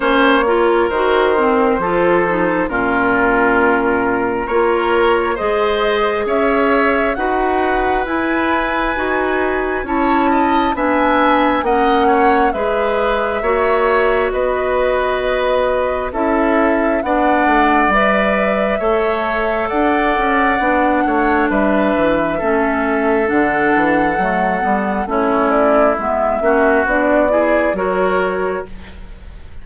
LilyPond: <<
  \new Staff \with { instrumentName = "flute" } { \time 4/4 \tempo 4 = 67 cis''4 c''2 ais'4~ | ais'4 cis''4 dis''4 e''4 | fis''4 gis''2 a''4 | gis''4 fis''4 e''2 |
dis''2 e''4 fis''4 | e''2 fis''2 | e''2 fis''2 | cis''8 d''8 e''4 d''4 cis''4 | }
  \new Staff \with { instrumentName = "oboe" } { \time 4/4 c''8 ais'4. a'4 f'4~ | f'4 ais'4 c''4 cis''4 | b'2. cis''8 dis''8 | e''4 dis''8 cis''8 b'4 cis''4 |
b'2 a'4 d''4~ | d''4 cis''4 d''4. cis''8 | b'4 a'2. | e'4. fis'4 gis'8 ais'4 | }
  \new Staff \with { instrumentName = "clarinet" } { \time 4/4 cis'8 f'8 fis'8 c'8 f'8 dis'8 cis'4~ | cis'4 f'4 gis'2 | fis'4 e'4 fis'4 e'4 | d'4 cis'4 gis'4 fis'4~ |
fis'2 e'4 d'4 | b'4 a'2 d'4~ | d'4 cis'4 d'4 a8 b8 | cis'4 b8 cis'8 d'8 e'8 fis'4 | }
  \new Staff \with { instrumentName = "bassoon" } { \time 4/4 ais4 dis4 f4 ais,4~ | ais,4 ais4 gis4 cis'4 | dis'4 e'4 dis'4 cis'4 | b4 ais4 gis4 ais4 |
b2 cis'4 b8 a8 | g4 a4 d'8 cis'8 b8 a8 | g8 e8 a4 d8 e8 fis8 g8 | a4 gis8 ais8 b4 fis4 | }
>>